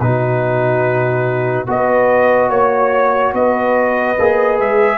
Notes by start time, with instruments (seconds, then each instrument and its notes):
0.00 tuba B2, trombone D#4, horn F#4, trumpet B4
1.66 tuba B3, trombone F#4, horn B4, trumpet D#5
2.49 tuba A#3, horn C#5, trumpet C#5
3.33 tuba B3, horn B4, trumpet D#5
4.19 tuba A#3, trombone G#4
4.59 tuba G#3, trumpet E5